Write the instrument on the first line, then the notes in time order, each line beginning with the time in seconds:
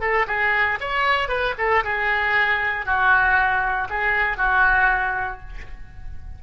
oboe
0.00 A4
0.27 G#4
0.80 C#5
1.28 B4
1.58 A4
1.84 G#4
2.85 F#4
3.89 G#4
4.37 F#4